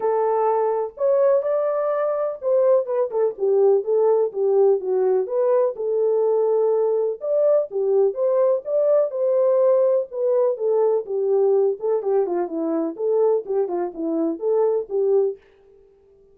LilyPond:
\new Staff \with { instrumentName = "horn" } { \time 4/4 \tempo 4 = 125 a'2 cis''4 d''4~ | d''4 c''4 b'8 a'8 g'4 | a'4 g'4 fis'4 b'4 | a'2. d''4 |
g'4 c''4 d''4 c''4~ | c''4 b'4 a'4 g'4~ | g'8 a'8 g'8 f'8 e'4 a'4 | g'8 f'8 e'4 a'4 g'4 | }